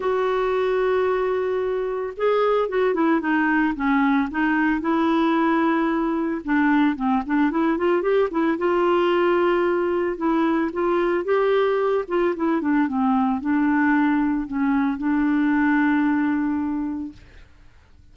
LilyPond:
\new Staff \with { instrumentName = "clarinet" } { \time 4/4 \tempo 4 = 112 fis'1 | gis'4 fis'8 e'8 dis'4 cis'4 | dis'4 e'2. | d'4 c'8 d'8 e'8 f'8 g'8 e'8 |
f'2. e'4 | f'4 g'4. f'8 e'8 d'8 | c'4 d'2 cis'4 | d'1 | }